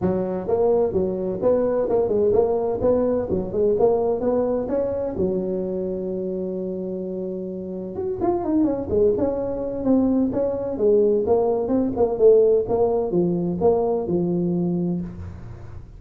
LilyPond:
\new Staff \with { instrumentName = "tuba" } { \time 4/4 \tempo 4 = 128 fis4 ais4 fis4 b4 | ais8 gis8 ais4 b4 fis8 gis8 | ais4 b4 cis'4 fis4~ | fis1~ |
fis4 fis'8 f'8 dis'8 cis'8 gis8 cis'8~ | cis'4 c'4 cis'4 gis4 | ais4 c'8 ais8 a4 ais4 | f4 ais4 f2 | }